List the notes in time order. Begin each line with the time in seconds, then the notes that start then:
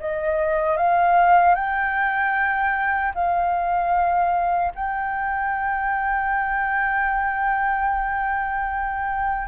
0.00 D#5
0.77 F5
1.55 G5
3.15 F5
4.75 G5